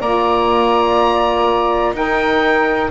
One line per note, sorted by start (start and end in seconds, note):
0.00 1.93 A#3
0.00 1.94 F4
0.00 1.94 D5
0.00 1.95 A#5
1.93 2.89 D#4
1.93 2.90 D#4
1.93 2.91 A#4
1.93 2.91 G5